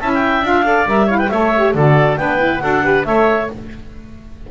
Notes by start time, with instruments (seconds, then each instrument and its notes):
0.00 double bass C#4, saxophone E4, oboe E5, clarinet A5
0.14 clarinet G5
0.42 double bass D4, saxophone F4, clarinet F5
0.64 saxophone A4, oboe D5
0.86 double bass G3, saxophone A#4, clarinet E5
1.07 saxophone E4, oboe C#5, clarinet F5
1.19 oboe B4, clarinet G5
1.30 double bass A3, saxophone A4, oboe C#5, clarinet E5
1.56 saxophone G4
1.74 double bass D3, saxophone F#4, oboe A4, clarinet D5
2.17 double bass B3, saxophone D4, oboe B4, clarinet G5
2.39 saxophone E4
2.60 double bass D4, saxophone F#4, oboe A4, clarinet F#5
2.83 saxophone G4, oboe B4
3.04 double bass A3, saxophone A4, oboe C#5, clarinet E5